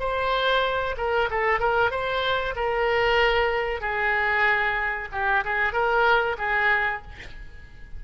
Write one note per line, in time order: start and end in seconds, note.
0.00 0.96 C5
0.98 1.30 A#4
1.31 1.60 A4
1.60 1.91 A#4
1.91 2.55 C5
2.56 3.81 A#4
3.81 5.09 G#4
5.12 5.44 G4
5.45 5.73 G#4
5.73 6.37 A#4
6.39 7.02 G#4